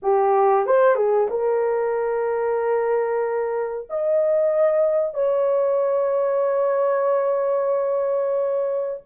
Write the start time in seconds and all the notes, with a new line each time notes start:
0.02 G4
0.66 C5
0.95 G#4
1.29 A#4
3.89 D#5
5.13 C#5